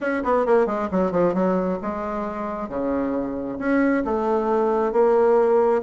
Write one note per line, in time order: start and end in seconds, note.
0.00 0.23 C#4
0.23 0.45 B3
0.46 0.66 A#3
0.66 0.88 G#3
0.91 1.11 F#3
1.11 1.34 F3
1.34 1.78 F#3
1.82 2.68 G#3
2.68 3.58 C#3
3.58 4.03 C#4
4.05 4.92 A3
4.92 5.81 A#3